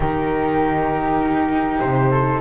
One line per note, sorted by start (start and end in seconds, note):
0.00 1.79 D#3
0.00 2.41 D#4
0.00 2.11 G4
0.00 1.79 A#4
1.79 2.41 C3
1.79 2.40 C5
2.11 2.41 A4